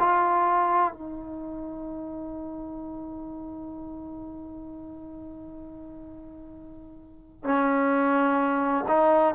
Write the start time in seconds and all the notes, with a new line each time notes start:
0.00 F4
0.93 D#4
7.45 C#4
8.88 D#4